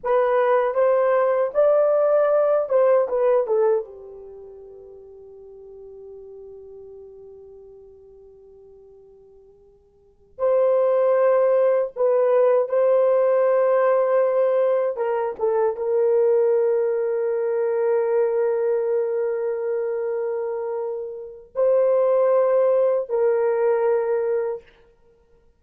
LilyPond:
\new Staff \with { instrumentName = "horn" } { \time 4/4 \tempo 4 = 78 b'4 c''4 d''4. c''8 | b'8 a'8 g'2.~ | g'1~ | g'4. c''2 b'8~ |
b'8 c''2. ais'8 | a'8 ais'2.~ ais'8~ | ais'1 | c''2 ais'2 | }